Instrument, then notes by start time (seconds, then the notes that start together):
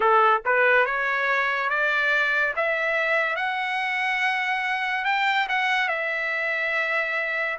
trumpet
0.00 A4
0.45 B4
0.85 C#5
1.69 D5
2.56 E5
3.36 F#5
5.04 G5
5.49 F#5
5.88 E5